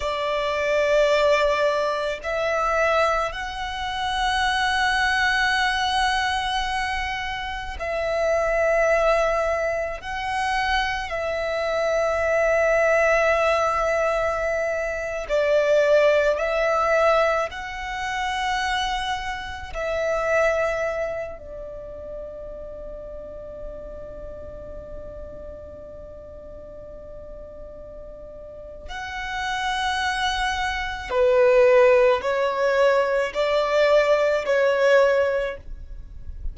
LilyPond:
\new Staff \with { instrumentName = "violin" } { \time 4/4 \tempo 4 = 54 d''2 e''4 fis''4~ | fis''2. e''4~ | e''4 fis''4 e''2~ | e''4.~ e''16 d''4 e''4 fis''16~ |
fis''4.~ fis''16 e''4. d''8.~ | d''1~ | d''2 fis''2 | b'4 cis''4 d''4 cis''4 | }